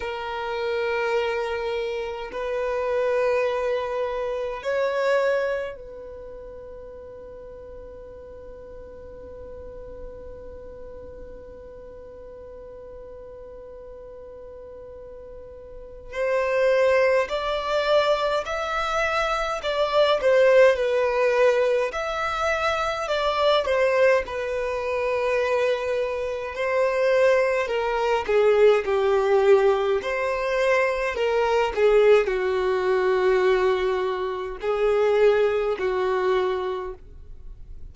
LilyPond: \new Staff \with { instrumentName = "violin" } { \time 4/4 \tempo 4 = 52 ais'2 b'2 | cis''4 b'2.~ | b'1~ | b'2 c''4 d''4 |
e''4 d''8 c''8 b'4 e''4 | d''8 c''8 b'2 c''4 | ais'8 gis'8 g'4 c''4 ais'8 gis'8 | fis'2 gis'4 fis'4 | }